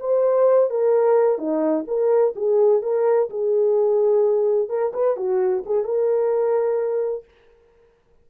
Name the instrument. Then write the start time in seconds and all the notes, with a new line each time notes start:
horn
0.00 C5
0.70 A#4
1.38 D#4
1.87 A#4
2.36 G#4
2.82 A#4
3.30 G#4
4.69 A#4
4.93 B4
5.17 F#4
5.66 G#4
5.84 A#4